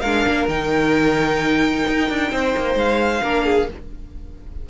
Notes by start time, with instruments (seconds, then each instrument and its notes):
0.00 cello G#3, viola D4, violin A#4 F5
0.27 cello A#3
0.48 cello D#3, viola D#4, violin G5
1.88 cello D#4
2.09 cello D4
2.31 cello C4, violin C5
2.56 cello A#3
2.75 cello G#3, violin F5
3.22 cello A#3, viola D4, violin A#4
3.45 violin G#4